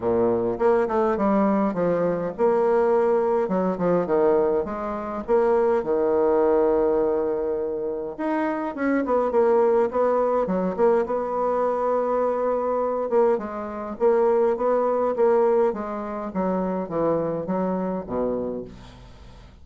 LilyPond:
\new Staff \with { instrumentName = "bassoon" } { \time 4/4 \tempo 4 = 103 ais,4 ais8 a8 g4 f4 | ais2 fis8 f8 dis4 | gis4 ais4 dis2~ | dis2 dis'4 cis'8 b8 |
ais4 b4 fis8 ais8 b4~ | b2~ b8 ais8 gis4 | ais4 b4 ais4 gis4 | fis4 e4 fis4 b,4 | }